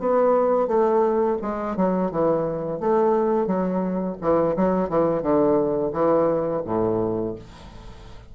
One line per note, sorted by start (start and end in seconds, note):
0.00 0.68 B3
0.68 1.37 A3
1.42 1.77 G#3
1.77 2.11 F#3
2.11 2.80 E3
2.80 3.47 A3
3.47 4.17 F#3
4.21 4.56 E3
4.57 4.89 F#3
4.89 5.23 E3
5.23 5.92 D3
5.93 6.63 E3
6.66 7.35 A2